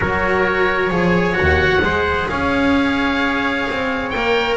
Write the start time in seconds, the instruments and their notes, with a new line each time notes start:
0.00 double bass F#3, cello F#4, trumpet A#4, oboe C#5
0.89 double bass F3, cello G#4, trumpet C#5
1.33 cello F#4, oboe F#5
1.39 double bass D#2
1.81 double bass G#3, cello G#4, trumpet C5
2.28 double bass C#4, trumpet C#5, oboe F5
3.70 double bass C4
4.10 double bass A#3, oboe G5
4.16 cello A#4